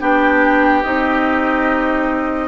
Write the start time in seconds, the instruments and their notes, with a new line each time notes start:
0.00 bassoon B3, clarinet D4, oboe G4, flute G5
0.84 bassoon C4, clarinet D#4, flute D#5